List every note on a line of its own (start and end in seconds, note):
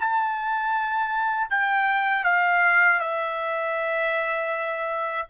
0.00 1.50 A5
1.50 2.24 G5
2.24 3.00 F5
3.00 5.28 E5